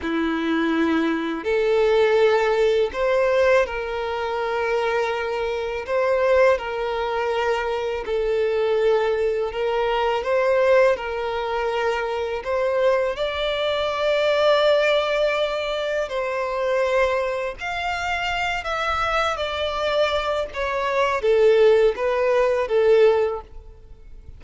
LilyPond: \new Staff \with { instrumentName = "violin" } { \time 4/4 \tempo 4 = 82 e'2 a'2 | c''4 ais'2. | c''4 ais'2 a'4~ | a'4 ais'4 c''4 ais'4~ |
ais'4 c''4 d''2~ | d''2 c''2 | f''4. e''4 d''4. | cis''4 a'4 b'4 a'4 | }